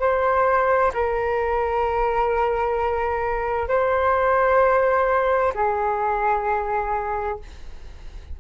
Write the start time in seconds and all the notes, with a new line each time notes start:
0.00 C5
0.94 A#4
3.68 C5
5.54 G#4